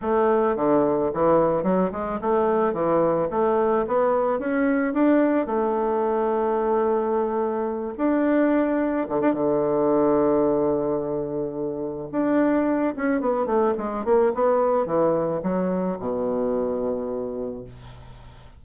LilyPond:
\new Staff \with { instrumentName = "bassoon" } { \time 4/4 \tempo 4 = 109 a4 d4 e4 fis8 gis8 | a4 e4 a4 b4 | cis'4 d'4 a2~ | a2~ a8 d'4.~ |
d'8 d16 d'16 d2.~ | d2 d'4. cis'8 | b8 a8 gis8 ais8 b4 e4 | fis4 b,2. | }